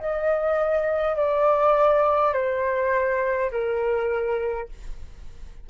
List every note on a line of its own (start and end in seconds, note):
0.00 1.17 D#5
1.17 2.34 D5
2.34 3.51 C5
3.52 4.70 A#4